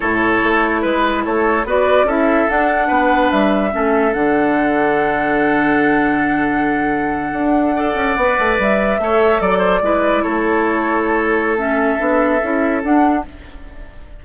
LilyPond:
<<
  \new Staff \with { instrumentName = "flute" } { \time 4/4 \tempo 4 = 145 cis''2 b'4 cis''4 | d''4 e''4 fis''2 | e''2 fis''2~ | fis''1~ |
fis''1~ | fis''8. e''2 d''4~ d''16~ | d''8. cis''2.~ cis''16 | e''2. fis''4 | }
  \new Staff \with { instrumentName = "oboe" } { \time 4/4 a'2 b'4 a'4 | b'4 a'2 b'4~ | b'4 a'2.~ | a'1~ |
a'2~ a'8. d''4~ d''16~ | d''4.~ d''16 cis''4 d''8 c''8 b'16~ | b'8. a'2.~ a'16~ | a'1 | }
  \new Staff \with { instrumentName = "clarinet" } { \time 4/4 e'1 | fis'4 e'4 d'2~ | d'4 cis'4 d'2~ | d'1~ |
d'2~ d'8. a'4 b'16~ | b'4.~ b'16 a'2 e'16~ | e'1 | cis'4 d'4 e'4 d'4 | }
  \new Staff \with { instrumentName = "bassoon" } { \time 4/4 a,4 a4 gis4 a4 | b4 cis'4 d'4 b4 | g4 a4 d2~ | d1~ |
d4.~ d16 d'4. cis'8 b16~ | b16 a8 g4 a4 fis4 gis16~ | gis8. a2.~ a16~ | a4 b4 cis'4 d'4 | }
>>